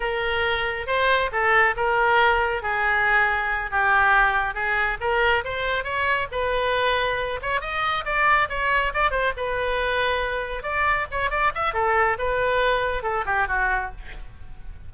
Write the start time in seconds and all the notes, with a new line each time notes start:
0.00 A#4
0.86 C5
1.32 A4
1.76 A#4
2.62 G#4
3.70 G4
4.54 G#4
5.00 A#4
5.44 C5
5.83 C#5
6.31 B4
7.42 C#5
7.60 D#5
8.05 D5
8.49 C#5
8.93 D5
9.10 C5
9.36 B4
10.62 D5
11.11 C#5
11.30 D5
11.54 E5
11.73 A4
12.18 B4
13.03 A4
13.25 G4
13.47 F#4